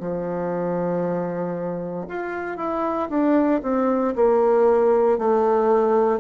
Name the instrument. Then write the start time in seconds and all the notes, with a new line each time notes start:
bassoon
0.00 F3
2.08 F4
2.57 E4
3.09 D4
3.63 C4
4.16 A#3
5.18 A3